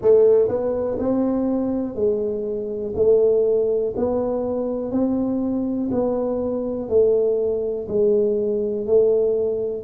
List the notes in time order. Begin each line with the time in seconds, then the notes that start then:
0.01 A3
0.48 B3
0.98 C4
1.95 G#3
2.95 A3
3.96 B3
4.91 C4
5.91 B3
6.89 A3
7.87 G#3
8.86 A3